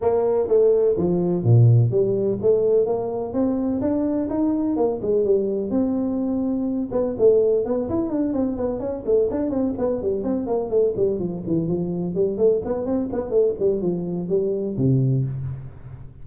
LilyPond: \new Staff \with { instrumentName = "tuba" } { \time 4/4 \tempo 4 = 126 ais4 a4 f4 ais,4 | g4 a4 ais4 c'4 | d'4 dis'4 ais8 gis8 g4 | c'2~ c'8 b8 a4 |
b8 e'8 d'8 c'8 b8 cis'8 a8 d'8 | c'8 b8 g8 c'8 ais8 a8 g8 f8 | e8 f4 g8 a8 b8 c'8 b8 | a8 g8 f4 g4 c4 | }